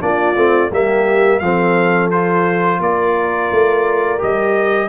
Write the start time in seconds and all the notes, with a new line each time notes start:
0.00 A#3 D4 F4 D5
0.35 A3 C4
0.71 G3 A#3 G4 E5
1.39 F3 C4 A4 F5
2.11 F4 C5
2.80 A#3 A#4 D5
3.51 A3
4.18 G3 G4 D#5